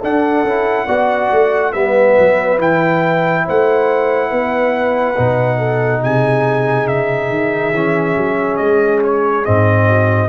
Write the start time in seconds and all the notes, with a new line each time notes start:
0.00 D4 A4 F#5
0.44 C#4 E4
0.86 B3 F#4 D5
1.32 A3
1.73 G3 B3 B4 E5
2.18 F#3
2.59 E3 E4 G5
3.46 A3 C5 F#5
4.30 B3 B4
5.17 B2 D#4
5.59 A4
6.02 C3 G#4 G#5
6.88 C#3 E5
7.30 D#3
7.73 E3 C#4
8.16 F#3
8.57 G#3 D#5
9.05 C#5
9.44 G#2 C4 D#5
9.86 F#4